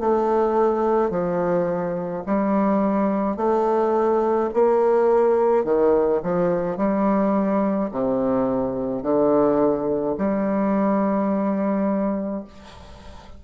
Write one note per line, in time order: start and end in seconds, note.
0.00 1.11 A3
1.11 2.24 F3
2.26 3.37 G3
3.37 4.50 A3
4.54 5.64 A#3
5.64 6.21 D#3
6.23 6.77 F3
6.77 7.90 G3
7.91 9.03 C3
9.03 10.16 D3
10.18 12.44 G3